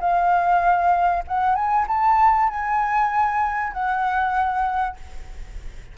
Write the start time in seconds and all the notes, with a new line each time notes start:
0.00 F5
1.28 F#5
1.55 G#5
1.88 A5
2.49 G#5
3.73 F#5